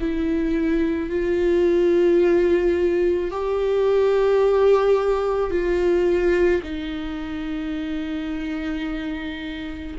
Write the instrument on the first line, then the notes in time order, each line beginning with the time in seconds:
viola
0.00 E4
1.10 F4
3.31 G4
5.51 F4
6.63 D#4